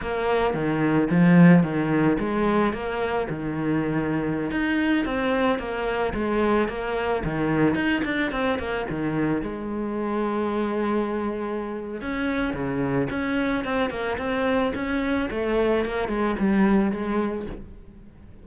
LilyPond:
\new Staff \with { instrumentName = "cello" } { \time 4/4 \tempo 4 = 110 ais4 dis4 f4 dis4 | gis4 ais4 dis2~ | dis16 dis'4 c'4 ais4 gis8.~ | gis16 ais4 dis4 dis'8 d'8 c'8 ais16~ |
ais16 dis4 gis2~ gis8.~ | gis2 cis'4 cis4 | cis'4 c'8 ais8 c'4 cis'4 | a4 ais8 gis8 g4 gis4 | }